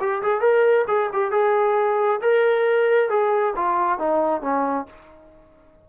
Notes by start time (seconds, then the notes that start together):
0.00 G4
0.22 G#4
0.41 A#4
0.88 G#4
1.13 G4
1.32 G#4
2.22 A#4
3.10 G#4
3.56 F4
3.99 D#4
4.42 C#4